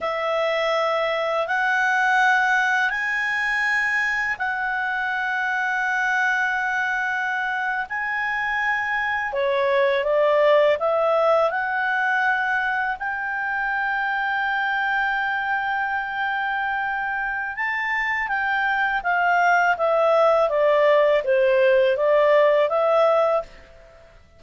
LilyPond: \new Staff \with { instrumentName = "clarinet" } { \time 4/4 \tempo 4 = 82 e''2 fis''2 | gis''2 fis''2~ | fis''2~ fis''8. gis''4~ gis''16~ | gis''8. cis''4 d''4 e''4 fis''16~ |
fis''4.~ fis''16 g''2~ g''16~ | g''1 | a''4 g''4 f''4 e''4 | d''4 c''4 d''4 e''4 | }